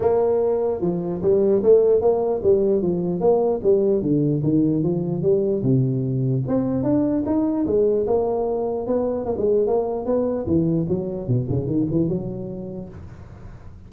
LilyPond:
\new Staff \with { instrumentName = "tuba" } { \time 4/4 \tempo 4 = 149 ais2 f4 g4 | a4 ais4 g4 f4 | ais4 g4 d4 dis4 | f4 g4 c2 |
c'4 d'4 dis'4 gis4 | ais2 b4 ais16 gis8. | ais4 b4 e4 fis4 | b,8 cis8 dis8 e8 fis2 | }